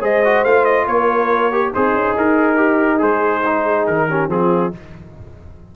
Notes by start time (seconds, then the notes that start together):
0.00 G#3 G#4 C5 D#5
0.25 F#4
0.44 A3 F4 F5
0.65 D#5
0.86 A#3 A#4 C#5
1.52 G4
1.72 C4 D#4 G#4 C5
1.94 C#4
2.16 D#4 A#4
2.56 G4
2.98 G#3 G#4 C5
3.46 D#4
3.64 G#4
3.87 D#3 A#4
4.09 C#4 G4
4.28 F3 C4 F4 G#4